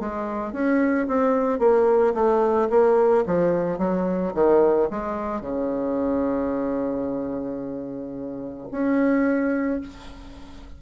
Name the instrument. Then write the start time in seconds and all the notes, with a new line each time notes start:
bassoon
0.00 G#3
0.53 C#4
1.08 C4
1.59 A#3
2.14 A3
2.70 A#3
3.26 F3
3.78 F#3
4.34 D#3
4.90 G#3
5.41 C#3
8.71 C#4